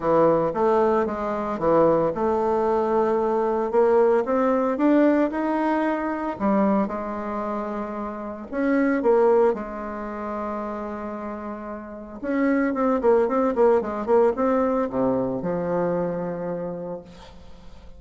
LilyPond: \new Staff \with { instrumentName = "bassoon" } { \time 4/4 \tempo 4 = 113 e4 a4 gis4 e4 | a2. ais4 | c'4 d'4 dis'2 | g4 gis2. |
cis'4 ais4 gis2~ | gis2. cis'4 | c'8 ais8 c'8 ais8 gis8 ais8 c'4 | c4 f2. | }